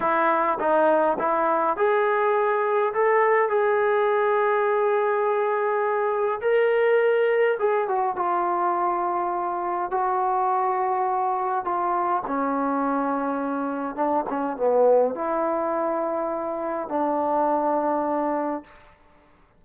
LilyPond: \new Staff \with { instrumentName = "trombone" } { \time 4/4 \tempo 4 = 103 e'4 dis'4 e'4 gis'4~ | gis'4 a'4 gis'2~ | gis'2. ais'4~ | ais'4 gis'8 fis'8 f'2~ |
f'4 fis'2. | f'4 cis'2. | d'8 cis'8 b4 e'2~ | e'4 d'2. | }